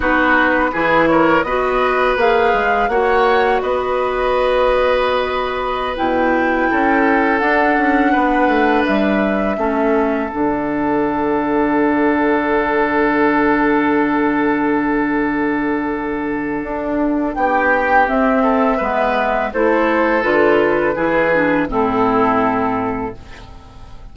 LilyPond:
<<
  \new Staff \with { instrumentName = "flute" } { \time 4/4 \tempo 4 = 83 b'4. cis''8 dis''4 f''4 | fis''4 dis''2.~ | dis''16 g''2 fis''4.~ fis''16~ | fis''16 e''2 fis''4.~ fis''16~ |
fis''1~ | fis''1 | g''4 e''2 c''4 | b'2 a'2 | }
  \new Staff \with { instrumentName = "oboe" } { \time 4/4 fis'4 gis'8 ais'8 b'2 | cis''4 b'2.~ | b'4~ b'16 a'2 b'8.~ | b'4~ b'16 a'2~ a'8.~ |
a'1~ | a'1 | g'4. a'8 b'4 a'4~ | a'4 gis'4 e'2 | }
  \new Staff \with { instrumentName = "clarinet" } { \time 4/4 dis'4 e'4 fis'4 gis'4 | fis'1~ | fis'16 e'2 d'4.~ d'16~ | d'4~ d'16 cis'4 d'4.~ d'16~ |
d'1~ | d'1~ | d'4 c'4 b4 e'4 | f'4 e'8 d'8 c'2 | }
  \new Staff \with { instrumentName = "bassoon" } { \time 4/4 b4 e4 b4 ais8 gis8 | ais4 b2.~ | b16 b,4 cis'4 d'8 cis'8 b8 a16~ | a16 g4 a4 d4.~ d16~ |
d1~ | d2. d'4 | b4 c'4 gis4 a4 | d4 e4 a,2 | }
>>